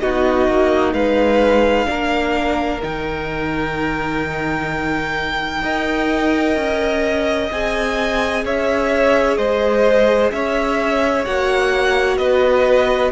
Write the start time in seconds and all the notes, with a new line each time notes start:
0.00 B3 D#4 F#4 D#5
0.48 A#3
0.93 G#3 B4 F5
1.86 A#3 D4 A#4
2.82 D#3 D#4 G5
5.62 D#4 A#4 D#5
6.56 C#4
7.51 C4 G#4 G#5
8.45 C#4 C#5 E5
9.37 G#3 C5 D#5
10.32 C#4 C#5 E5
11.25 A#3 F#4 F#5
12.18 B3 B4 D#5